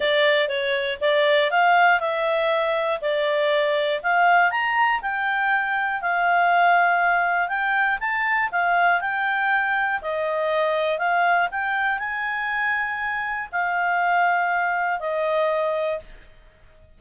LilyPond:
\new Staff \with { instrumentName = "clarinet" } { \time 4/4 \tempo 4 = 120 d''4 cis''4 d''4 f''4 | e''2 d''2 | f''4 ais''4 g''2 | f''2. g''4 |
a''4 f''4 g''2 | dis''2 f''4 g''4 | gis''2. f''4~ | f''2 dis''2 | }